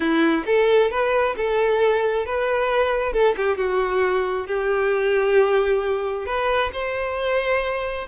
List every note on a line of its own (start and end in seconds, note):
0.00 0.44 E4
0.46 0.90 A4
0.90 1.35 B4
1.36 2.25 A4
2.25 3.12 B4
3.12 3.35 A4
3.36 3.57 G4
3.57 4.46 F#4
4.46 6.25 G4
6.25 6.70 B4
6.72 8.07 C5